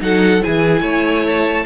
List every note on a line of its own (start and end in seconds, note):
0.00 0.42 F#3
0.00 0.41 D#4
0.00 0.44 A4
0.00 0.43 F#5
0.41 1.65 E4
0.41 0.81 G#4
0.41 1.26 G#5
0.47 0.82 E3
0.81 1.64 A3
0.81 1.64 C#5
1.27 1.66 A5